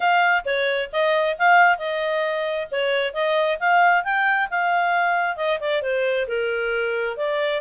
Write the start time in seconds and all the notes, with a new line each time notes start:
0.00 F5
0.45 C#5
0.92 D#5
1.38 F5
1.77 D#5
2.71 C#5
3.13 D#5
3.59 F5
4.04 G5
4.50 F5
5.36 D#5
5.60 D5
5.82 C5
6.27 A#4
7.16 D5